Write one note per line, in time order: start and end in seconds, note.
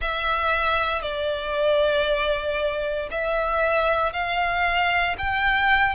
0.01 1.02 E5
1.02 3.08 D5
3.10 4.12 E5
4.12 5.16 F5
5.17 5.95 G5